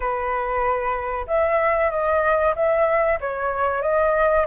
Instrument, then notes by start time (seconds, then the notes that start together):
flute
0.00 B4
1.27 E5
1.90 D#5
2.55 E5
3.20 C#5
3.82 D#5